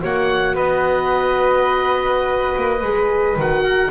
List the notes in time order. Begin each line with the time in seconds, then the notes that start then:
0.00 A#3 F#4 C#5 F#5
0.55 B3 B4 D#5
2.57 A#3
2.82 G#3 G#4
3.37 D#3 F#4 F#5
3.63 A#4